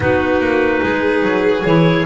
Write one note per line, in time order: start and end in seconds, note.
0.00 0.39 B3
0.00 1.61 D#4
0.00 0.83 F#4
0.00 1.65 B4
0.39 0.80 A#3
0.83 1.22 G#3
0.83 2.05 G#4
1.22 1.63 F#3
1.64 2.05 E3
1.64 2.05 E4
1.64 2.05 C#5